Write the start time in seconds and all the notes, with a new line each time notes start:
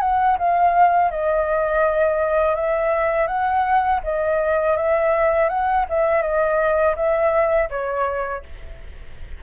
0.00 F#5
0.38 F5
1.10 D#5
2.55 E5
3.27 F#5
4.03 D#5
4.76 E5
5.49 F#5
5.89 E5
6.22 D#5
6.96 E5
7.70 C#5